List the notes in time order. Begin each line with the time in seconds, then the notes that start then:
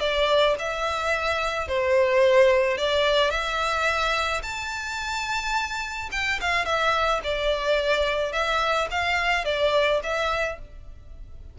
0.00 D5
0.59 E5
1.68 C5
2.78 D5
3.30 E5
4.43 A5
6.12 G5
6.41 F5
6.65 E5
7.23 D5
8.32 E5
8.91 F5
9.45 D5
10.03 E5